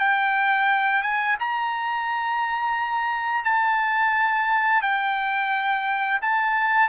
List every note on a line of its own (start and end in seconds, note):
0.00 1.03 G5
1.03 1.37 G#5
1.40 3.45 A#5
3.45 4.83 A5
4.83 6.21 G5
6.22 6.89 A5